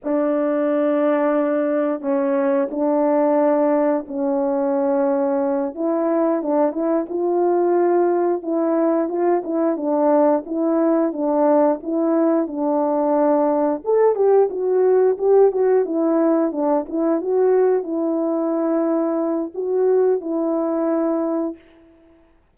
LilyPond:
\new Staff \with { instrumentName = "horn" } { \time 4/4 \tempo 4 = 89 d'2. cis'4 | d'2 cis'2~ | cis'8 e'4 d'8 e'8 f'4.~ | f'8 e'4 f'8 e'8 d'4 e'8~ |
e'8 d'4 e'4 d'4.~ | d'8 a'8 g'8 fis'4 g'8 fis'8 e'8~ | e'8 d'8 e'8 fis'4 e'4.~ | e'4 fis'4 e'2 | }